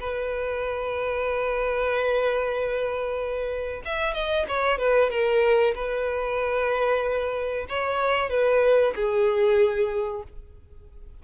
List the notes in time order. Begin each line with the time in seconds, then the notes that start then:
0.00 B4
3.85 E5
4.14 D#5
4.49 C#5
4.78 B4
5.11 A#4
5.75 B4
7.69 C#5
8.30 B4
8.95 G#4